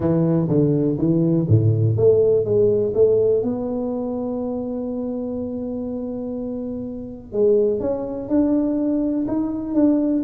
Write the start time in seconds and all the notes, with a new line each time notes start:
0.00 E3
0.48 D3
0.98 E3
1.48 A2
1.96 A3
2.44 G#3
2.94 A3
3.42 B3
7.32 G#3
7.80 C#4
8.28 D4
9.27 D#4
9.74 D4